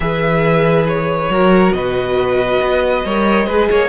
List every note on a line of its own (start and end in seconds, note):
0.00 1.28 E3
0.00 1.30 G#4
0.00 1.31 B4
0.00 0.87 E5
0.88 1.72 C#5
1.29 1.71 F#3
1.29 3.05 F#4
1.29 1.75 A#4
1.71 2.58 B2
1.71 3.05 B4
1.71 3.89 D#5
2.61 3.04 B3
3.04 3.47 G3
3.04 3.49 A#4
3.04 3.46 C#5
3.46 3.68 G#3
3.46 3.89 G#4
3.46 3.68 B4
3.70 3.89 A#3
3.70 3.89 C#5